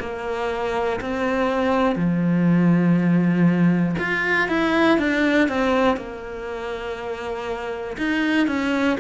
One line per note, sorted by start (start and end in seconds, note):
0.00 1.00 A#3
1.01 1.96 C4
1.96 3.96 F3
3.99 4.49 F4
4.49 4.99 E4
4.99 5.49 D4
5.49 5.97 C4
5.97 7.97 A#3
7.98 8.47 D#4
8.47 8.97 C#4